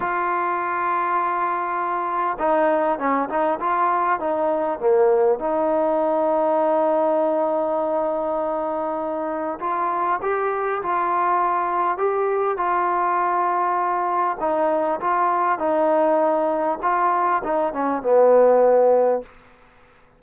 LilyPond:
\new Staff \with { instrumentName = "trombone" } { \time 4/4 \tempo 4 = 100 f'1 | dis'4 cis'8 dis'8 f'4 dis'4 | ais4 dis'2.~ | dis'1 |
f'4 g'4 f'2 | g'4 f'2. | dis'4 f'4 dis'2 | f'4 dis'8 cis'8 b2 | }